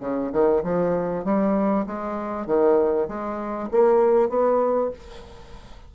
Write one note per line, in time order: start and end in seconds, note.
0.00 0.31 C#3
0.32 0.63 D#3
0.63 1.24 F3
1.24 1.86 G3
1.86 2.47 G#3
2.47 3.08 D#3
3.08 3.69 G#3
3.71 4.29 A#3
4.29 4.90 B3